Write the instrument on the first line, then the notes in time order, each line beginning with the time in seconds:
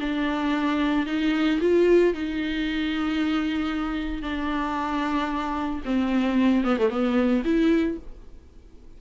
viola
0.00 D4
1.06 D#4
1.60 F4
2.14 D#4
4.22 D4
5.85 C4
6.64 B3
6.78 A3
6.89 B3
7.45 E4